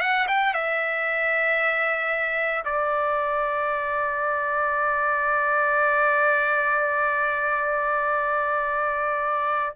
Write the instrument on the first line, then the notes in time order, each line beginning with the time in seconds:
trumpet
0.00 F#5
0.28 G5
0.54 E5
2.65 D5